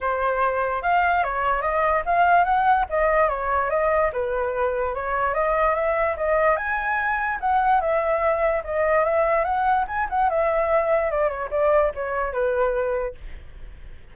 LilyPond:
\new Staff \with { instrumentName = "flute" } { \time 4/4 \tempo 4 = 146 c''2 f''4 cis''4 | dis''4 f''4 fis''4 dis''4 | cis''4 dis''4 b'2 | cis''4 dis''4 e''4 dis''4 |
gis''2 fis''4 e''4~ | e''4 dis''4 e''4 fis''4 | gis''8 fis''8 e''2 d''8 cis''8 | d''4 cis''4 b'2 | }